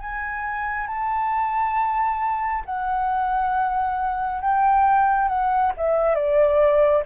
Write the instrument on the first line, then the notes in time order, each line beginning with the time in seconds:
flute
0.00 G#5
0.87 A5
2.65 F#5
4.41 G5
5.28 F#5
5.77 E5
6.15 D5